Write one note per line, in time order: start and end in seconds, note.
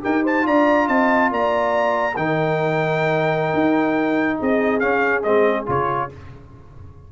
0.00 0.47 D#4
0.00 0.42 G4
0.00 0.23 A#4
0.00 0.25 G5
0.23 0.44 C5
0.23 0.47 A5
0.42 0.88 D4
0.42 2.12 F4
0.42 0.88 D5
0.42 0.88 A#5
0.88 1.31 C4
0.88 1.30 D#5
0.88 1.31 A5
1.31 2.16 A#3
1.31 2.16 D5
1.31 2.16 A#5
2.16 3.53 D#3
2.16 4.80 D#4
2.16 4.38 A#4
2.16 4.40 G5
3.53 4.38 D#4
4.38 4.82 C4
4.38 6.09 G#4
4.38 4.79 D#5
4.79 5.23 C#4
4.79 5.25 C#4
4.79 5.22 F5
5.23 5.67 G#3
5.23 5.66 C4
5.23 5.66 D#5
5.66 6.11 C#3
5.66 6.09 F4
5.66 6.12 C#5